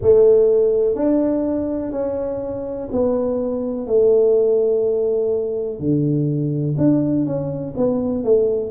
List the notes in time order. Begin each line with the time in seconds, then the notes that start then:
0.01 A3
0.95 D4
1.91 C#4
2.91 B3
3.87 A3
5.79 D3
6.77 D4
7.25 C#4
7.76 B3
8.24 A3